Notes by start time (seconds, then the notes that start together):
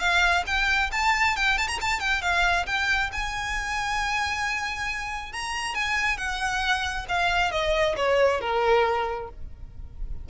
0.00 F5
0.47 G5
0.92 A5
1.37 G5
1.58 A5
1.68 A#5
1.81 A5
2.00 G5
2.22 F5
2.67 G5
3.12 G#5
5.33 A#5
5.75 G#5
6.18 F#5
7.09 F5
7.52 D#5
7.97 C#5
8.41 A#4